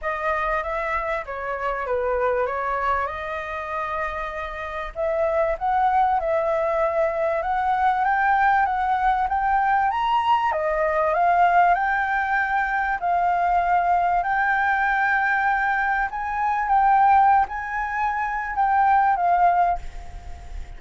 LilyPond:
\new Staff \with { instrumentName = "flute" } { \time 4/4 \tempo 4 = 97 dis''4 e''4 cis''4 b'4 | cis''4 dis''2. | e''4 fis''4 e''2 | fis''4 g''4 fis''4 g''4 |
ais''4 dis''4 f''4 g''4~ | g''4 f''2 g''4~ | g''2 gis''4 g''4~ | g''16 gis''4.~ gis''16 g''4 f''4 | }